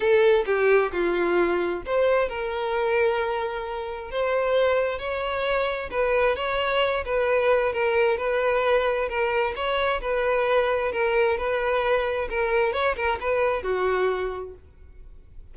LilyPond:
\new Staff \with { instrumentName = "violin" } { \time 4/4 \tempo 4 = 132 a'4 g'4 f'2 | c''4 ais'2.~ | ais'4 c''2 cis''4~ | cis''4 b'4 cis''4. b'8~ |
b'4 ais'4 b'2 | ais'4 cis''4 b'2 | ais'4 b'2 ais'4 | cis''8 ais'8 b'4 fis'2 | }